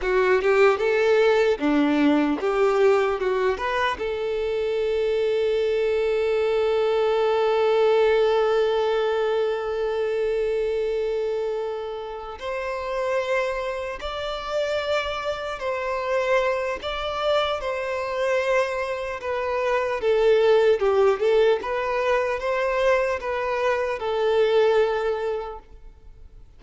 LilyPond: \new Staff \with { instrumentName = "violin" } { \time 4/4 \tempo 4 = 75 fis'8 g'8 a'4 d'4 g'4 | fis'8 b'8 a'2.~ | a'1~ | a'2.~ a'8 c''8~ |
c''4. d''2 c''8~ | c''4 d''4 c''2 | b'4 a'4 g'8 a'8 b'4 | c''4 b'4 a'2 | }